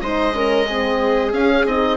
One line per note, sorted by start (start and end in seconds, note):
0.00 1.33 G#3
0.00 0.33 D#4
0.00 0.35 C5
0.00 1.32 D#5
0.33 0.66 C#4
0.33 0.67 A#4
0.67 1.31 C4
0.67 1.97 G#4
1.31 1.64 C#4
1.31 1.66 C#4
1.31 1.65 F5
1.66 1.97 C4
1.66 1.97 D#4
1.66 1.97 D#5